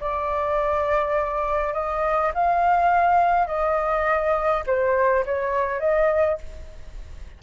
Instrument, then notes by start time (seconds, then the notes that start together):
flute
0.00 D5
1.73 D#5
2.34 F5
3.47 D#5
4.66 C5
5.25 C#5
5.80 D#5